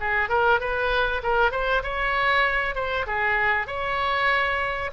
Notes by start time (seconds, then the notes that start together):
0.00 G#4
0.29 A#4
0.60 B4
1.23 A#4
1.52 C5
1.83 C#5
2.75 C5
3.07 G#4
3.67 C#5